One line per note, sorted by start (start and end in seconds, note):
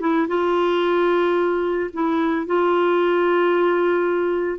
0.00 0.27 E4
0.28 1.90 F4
1.93 2.46 E4
2.46 4.59 F4